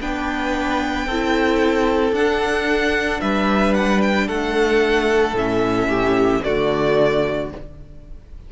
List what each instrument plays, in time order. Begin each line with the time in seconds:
0.00 cello B3, viola D4, violin B4 G5
1.06 cello C4, viola E4, violin A4
2.12 cello D4, viola D4, violin F#5
3.21 cello G3, violin B4 E5
3.74 violin F#5
4.01 violin G5
4.27 cello A3, violin A4 F#5
5.33 cello A2, viola C#4, violin E5
5.88 violin G4
6.43 cello D3, viola A3, violin F#4 D5